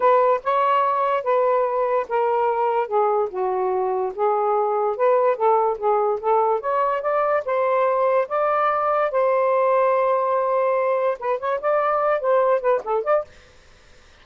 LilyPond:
\new Staff \with { instrumentName = "saxophone" } { \time 4/4 \tempo 4 = 145 b'4 cis''2 b'4~ | b'4 ais'2 gis'4 | fis'2 gis'2 | b'4 a'4 gis'4 a'4 |
cis''4 d''4 c''2 | d''2 c''2~ | c''2. b'8 cis''8 | d''4. c''4 b'8 a'8 d''8 | }